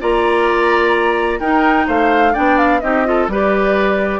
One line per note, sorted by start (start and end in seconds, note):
0.00 1.40 A#3
0.00 1.41 F4
0.00 1.40 D5
0.00 1.40 A#5
1.40 1.87 D#4
1.40 2.34 D#4
1.40 1.87 A#4
1.40 1.87 G5
1.87 2.35 A3
1.87 2.33 C5
1.87 2.35 F5
2.33 2.82 B3
2.33 2.81 D4
2.33 2.80 D5
2.33 2.58 G5
2.58 2.80 F5
2.80 3.28 C4
2.80 3.05 D#4
2.80 3.07 G4
2.80 3.27 D#5
3.05 3.29 F4
3.05 3.32 A4
3.28 4.20 G3
3.28 4.20 G4
3.28 4.20 B4
3.28 4.20 D5